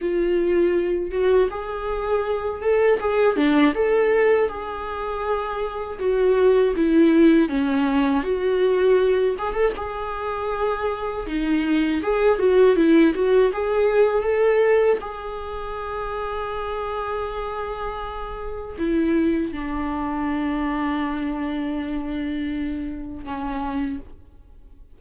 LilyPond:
\new Staff \with { instrumentName = "viola" } { \time 4/4 \tempo 4 = 80 f'4. fis'8 gis'4. a'8 | gis'8 d'8 a'4 gis'2 | fis'4 e'4 cis'4 fis'4~ | fis'8 gis'16 a'16 gis'2 dis'4 |
gis'8 fis'8 e'8 fis'8 gis'4 a'4 | gis'1~ | gis'4 e'4 d'2~ | d'2. cis'4 | }